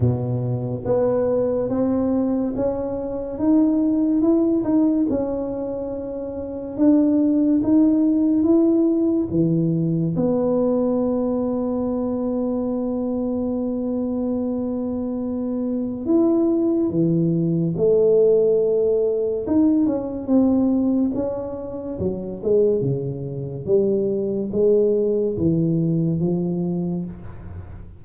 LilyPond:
\new Staff \with { instrumentName = "tuba" } { \time 4/4 \tempo 4 = 71 b,4 b4 c'4 cis'4 | dis'4 e'8 dis'8 cis'2 | d'4 dis'4 e'4 e4 | b1~ |
b2. e'4 | e4 a2 dis'8 cis'8 | c'4 cis'4 fis8 gis8 cis4 | g4 gis4 e4 f4 | }